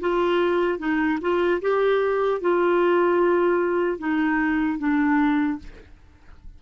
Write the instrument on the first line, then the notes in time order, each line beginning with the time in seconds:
clarinet
0.00 F4
0.79 D#4
1.21 F4
1.61 G4
2.41 F4
3.99 D#4
4.79 D4